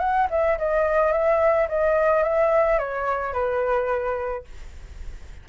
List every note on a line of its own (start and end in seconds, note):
0.00 0.28 F#5
0.31 0.58 E5
0.59 1.13 D#5
1.13 1.68 E5
1.69 2.23 D#5
2.23 2.79 E5
2.79 3.34 C#5
3.34 4.45 B4